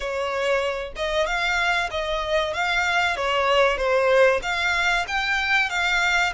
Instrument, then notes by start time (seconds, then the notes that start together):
violin
0.00 C#5
0.96 D#5
1.26 F5
1.90 D#5
2.53 F5
3.16 C#5
3.77 C5
4.42 F5
5.07 G5
5.69 F5